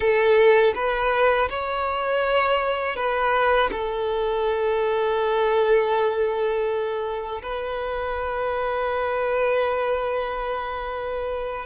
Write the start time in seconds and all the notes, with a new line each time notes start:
0.00 A4
0.74 B4
1.49 C#5
2.96 B4
3.71 A4
7.42 B4